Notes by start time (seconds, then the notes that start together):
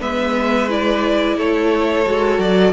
0.00 G#3 B3 B4 E5
0.69 E4 D5
1.37 A3 A4 C#5
2.05 G#3 F#4
2.38 F#3 D5